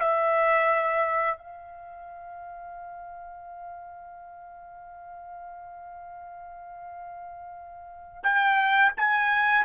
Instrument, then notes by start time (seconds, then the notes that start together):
trumpet
0.00 E5
1.38 F5
8.24 G5
8.97 G#5